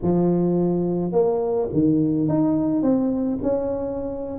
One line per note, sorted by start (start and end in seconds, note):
0.02 1.11 F3
1.11 1.68 A#3
1.72 2.28 D#3
2.28 2.82 D#4
2.82 3.38 C4
3.42 4.39 C#4